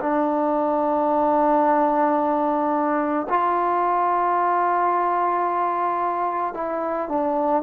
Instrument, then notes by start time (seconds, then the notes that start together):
trombone
0.00 D4
3.29 F4
6.54 E4
7.09 D4